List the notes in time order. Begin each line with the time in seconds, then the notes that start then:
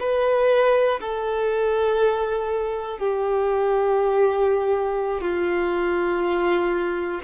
0.00 B4
1.00 A4
2.99 G4
5.21 F4